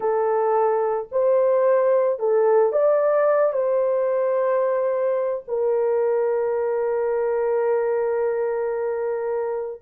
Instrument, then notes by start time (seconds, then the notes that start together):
horn
0.00 A4
1.11 C5
2.19 A4
2.72 D5
3.52 C5
5.47 A#4